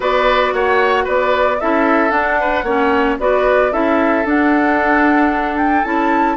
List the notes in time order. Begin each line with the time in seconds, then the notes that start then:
0.00 B3 F#4 B4 D5
0.53 A#3 C#5 F#5
1.04 B3 B4 D5
1.60 C#4 E4 A4 E5
2.10 D4 F#5
2.40 B4
2.63 A#3 C#4 C#5
3.19 B3 F#4 B4 D5
3.71 C#4 E4 A4 E5
4.24 D4 F#5
5.57 G5
5.84 C#4 E4 A5